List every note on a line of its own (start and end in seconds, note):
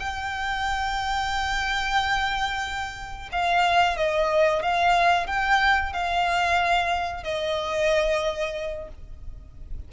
0.00 3.30 G5
3.32 3.97 F5
3.97 4.63 D#5
4.63 5.27 F5
5.27 5.93 G5
5.93 7.24 F5
7.24 8.89 D#5